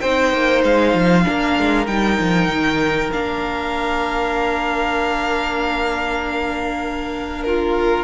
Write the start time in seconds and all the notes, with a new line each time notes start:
0.00 C4 D#4 C5 G5
0.33 A#3
0.64 G#3 F5
0.94 F3
1.23 A#3 D4 A#4
1.59 G#3
1.87 G3 D#4 G5
2.19 F3
2.48 D#3
3.11 A#3 D4 F5
7.43 F4 A#4